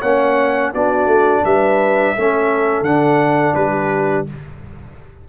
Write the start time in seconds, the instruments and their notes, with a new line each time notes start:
0.00 tuba A#3, trombone C#4, horn C#5, trumpet F#5
0.73 tuba B3, trombone D4, horn F#4, trumpet D5
1.06 tuba A3
1.44 tuba G3, horn B4, trumpet E5
2.15 tuba A3, trombone C#4, horn A4
2.82 tuba D3, trombone D4, trumpet F#5
3.55 tuba G3, horn G4, trumpet B4